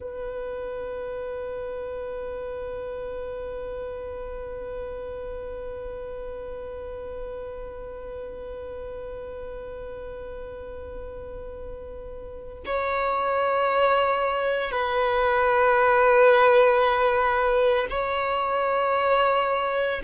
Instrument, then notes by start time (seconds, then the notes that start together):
violin
0.00 B4
12.65 C#5
14.71 B4
17.89 C#5